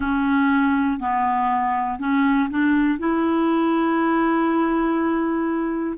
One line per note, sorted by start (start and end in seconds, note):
0.00 1.00 C#4
1.00 1.99 B3
1.99 2.49 C#4
2.50 2.98 D4
2.98 5.98 E4